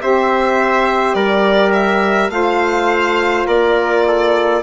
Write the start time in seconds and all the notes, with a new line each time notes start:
0.00 C4 G4 C5 E5
1.14 G3 A#4 D5
1.73 E5
2.30 A3 F4 C5 F5
3.47 A#3 A#4 D5
4.07 A4